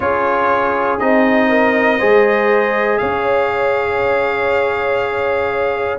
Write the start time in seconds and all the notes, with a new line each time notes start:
0.00 C#4 F4 G#4 C#5
0.99 C4 D#4 D#5
1.49 A#4
1.98 G#3 G#4 C5
2.98 C#4 C#5 F5